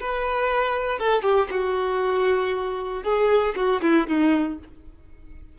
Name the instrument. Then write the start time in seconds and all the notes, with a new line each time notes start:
violin
0.00 B4
0.99 A4
1.23 G4
1.51 F#4
3.03 G#4
3.55 F#4
3.81 E4
4.07 D#4